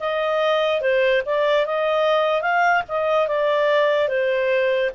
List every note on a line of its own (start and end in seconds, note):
0.00 0.81 D#5
0.81 1.22 C5
1.26 1.66 D5
1.66 2.42 D#5
2.42 2.83 F5
2.88 3.28 D#5
3.28 4.08 D5
4.08 4.91 C5